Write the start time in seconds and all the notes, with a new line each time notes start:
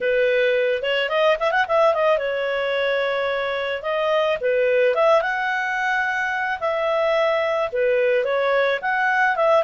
0.00 B4
0.82 C#5
1.09 D#5
1.39 E5
1.51 F#5
1.67 E5
1.94 D#5
2.18 C#5
3.82 D#5
4.41 B4
4.94 E5
5.21 F#5
6.60 E5
7.72 B4
8.24 C#5
8.81 F#5
9.36 E5